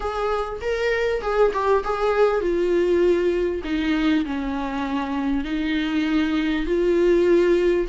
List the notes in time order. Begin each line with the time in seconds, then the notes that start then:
0.00 G#4
0.61 A#4
1.21 G#4
1.53 G4
1.84 G#4
2.40 F4
3.64 D#4
4.25 C#4
5.44 D#4
6.66 F4